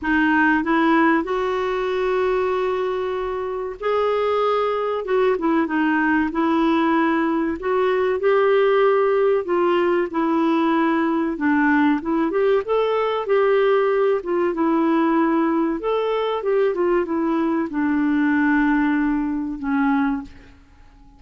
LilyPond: \new Staff \with { instrumentName = "clarinet" } { \time 4/4 \tempo 4 = 95 dis'4 e'4 fis'2~ | fis'2 gis'2 | fis'8 e'8 dis'4 e'2 | fis'4 g'2 f'4 |
e'2 d'4 e'8 g'8 | a'4 g'4. f'8 e'4~ | e'4 a'4 g'8 f'8 e'4 | d'2. cis'4 | }